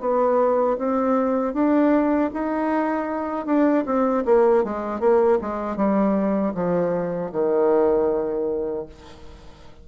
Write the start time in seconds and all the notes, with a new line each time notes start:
0.00 B3
0.78 C4
1.53 D4
2.33 D#4
3.46 D4
3.85 C4
4.25 A#3
4.64 G#3
5.00 A#3
5.41 G#3
5.76 G3
6.54 F3
7.32 D#3